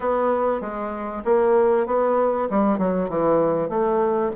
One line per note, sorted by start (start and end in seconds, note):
0.00 0.60 B3
0.60 1.22 G#3
1.24 1.86 A#3
1.86 2.48 B3
2.50 2.78 G3
2.78 3.09 F#3
3.09 3.69 E3
3.69 4.31 A3